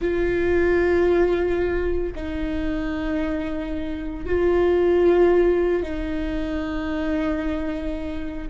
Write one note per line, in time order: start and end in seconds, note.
0.01 2.13 F4
2.15 4.25 D#4
4.25 5.82 F4
5.82 8.48 D#4